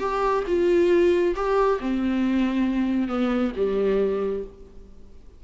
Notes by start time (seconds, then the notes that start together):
0.00 G4
0.47 F4
1.36 G4
1.80 C4
3.09 B3
3.56 G3